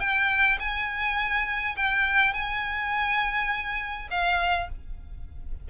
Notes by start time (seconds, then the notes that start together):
0.00 G5
0.59 G#5
1.77 G5
2.34 G#5
4.11 F5